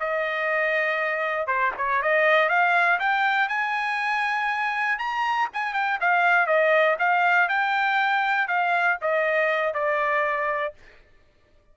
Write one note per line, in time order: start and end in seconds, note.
0.00 1.47 D#5
1.47 1.72 C5
1.77 2.02 C#5
2.02 2.49 D#5
2.49 2.99 F5
2.99 3.49 G5
3.49 4.99 G#5
4.99 5.49 A#5
5.53 5.74 G#5
5.74 5.99 G5
6.01 6.47 F5
6.47 6.97 D#5
6.99 7.49 F5
7.49 8.48 G5
8.48 8.98 F5
9.02 9.74 D#5
9.74 10.74 D5